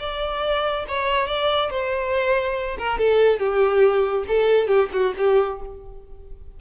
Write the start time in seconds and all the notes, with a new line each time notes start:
0.00 D5
0.88 C#5
1.27 D5
1.70 C5
2.79 A#4
2.99 A4
3.39 G4
4.28 A4
4.68 G4
4.93 F#4
5.18 G4